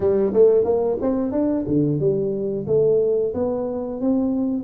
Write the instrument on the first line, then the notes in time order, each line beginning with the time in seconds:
tuba
0.00 G3
0.33 A3
0.64 A#3
1.01 C4
1.32 D4
1.67 D3
1.99 G3
2.67 A3
3.34 B3
4.01 C4